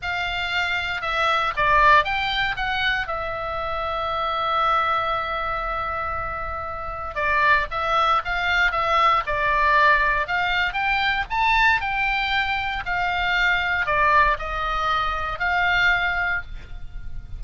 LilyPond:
\new Staff \with { instrumentName = "oboe" } { \time 4/4 \tempo 4 = 117 f''2 e''4 d''4 | g''4 fis''4 e''2~ | e''1~ | e''2 d''4 e''4 |
f''4 e''4 d''2 | f''4 g''4 a''4 g''4~ | g''4 f''2 d''4 | dis''2 f''2 | }